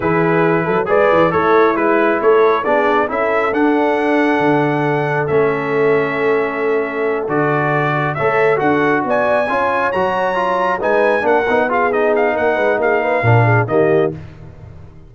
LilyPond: <<
  \new Staff \with { instrumentName = "trumpet" } { \time 4/4 \tempo 4 = 136 b'2 d''4 cis''4 | b'4 cis''4 d''4 e''4 | fis''1 | e''1~ |
e''8 d''2 e''4 fis''8~ | fis''8 gis''2 ais''4.~ | ais''8 gis''4 fis''4 f''8 dis''8 f''8 | fis''4 f''2 dis''4 | }
  \new Staff \with { instrumentName = "horn" } { \time 4/4 gis'4. a'8 b'4 e'4~ | e'4 a'4 gis'4 a'4~ | a'1~ | a'1~ |
a'2~ a'8 cis''4 a'8~ | a'8 d''4 cis''2~ cis''8~ | cis''8 b'4 ais'4 gis'4. | ais'8 b'8 gis'8 b'8 ais'8 gis'8 g'4 | }
  \new Staff \with { instrumentName = "trombone" } { \time 4/4 e'2 gis'4 a'4 | e'2 d'4 e'4 | d'1 | cis'1~ |
cis'8 fis'2 a'4 fis'8~ | fis'4. f'4 fis'4 f'8~ | f'8 dis'4 d'8 dis'8 f'8 dis'4~ | dis'2 d'4 ais4 | }
  \new Staff \with { instrumentName = "tuba" } { \time 4/4 e4. fis8 gis8 e8 a4 | gis4 a4 b4 cis'4 | d'2 d2 | a1~ |
a8 d2 a4 d'8~ | d'8 b4 cis'4 fis4.~ | fis8 gis4 ais8 b2 | ais8 gis8 ais4 ais,4 dis4 | }
>>